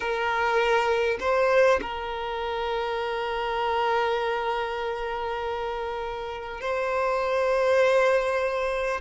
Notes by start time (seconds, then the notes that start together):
0.00 A#4
1.19 C5
1.81 A#4
6.60 C5